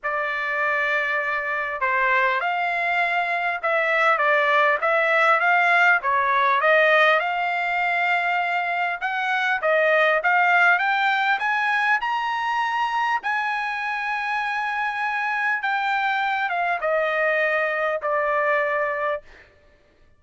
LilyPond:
\new Staff \with { instrumentName = "trumpet" } { \time 4/4 \tempo 4 = 100 d''2. c''4 | f''2 e''4 d''4 | e''4 f''4 cis''4 dis''4 | f''2. fis''4 |
dis''4 f''4 g''4 gis''4 | ais''2 gis''2~ | gis''2 g''4. f''8 | dis''2 d''2 | }